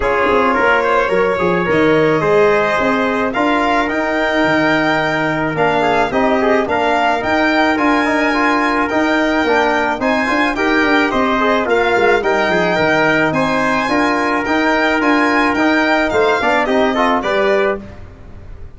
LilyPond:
<<
  \new Staff \with { instrumentName = "violin" } { \time 4/4 \tempo 4 = 108 cis''2. dis''4~ | dis''2 f''4 g''4~ | g''2 f''4 dis''4 | f''4 g''4 gis''2 |
g''2 gis''4 g''4 | dis''4 f''4 g''2 | gis''2 g''4 gis''4 | g''4 f''4 dis''4 d''4 | }
  \new Staff \with { instrumentName = "trumpet" } { \time 4/4 gis'4 ais'8 c''8 cis''2 | c''2 ais'2~ | ais'2~ ais'8 gis'8 g'4 | ais'1~ |
ais'2 c''4 ais'4 | c''4 f'4 ais'8 gis'8 ais'4 | c''4 ais'2.~ | ais'4 c''8 d''8 g'8 a'8 b'4 | }
  \new Staff \with { instrumentName = "trombone" } { \time 4/4 f'2 ais'8 gis'8 ais'4 | gis'2 f'4 dis'4~ | dis'2 d'4 dis'8 gis'8 | d'4 dis'4 f'8 dis'8 f'4 |
dis'4 d'4 dis'8 f'8 g'4~ | g'8 gis'8 ais'4 dis'2~ | dis'4 f'4 dis'4 f'4 | dis'4. d'8 dis'8 f'8 g'4 | }
  \new Staff \with { instrumentName = "tuba" } { \time 4/4 cis'8 c'8 ais4 fis8 f8 dis4 | gis4 c'4 d'4 dis'4 | dis2 ais4 c'4 | ais4 dis'4 d'2 |
dis'4 ais4 c'8 d'8 dis'8 d'8 | c'4 ais8 gis8 g8 f8 dis4 | c'4 d'4 dis'4 d'4 | dis'4 a8 b8 c'4 g4 | }
>>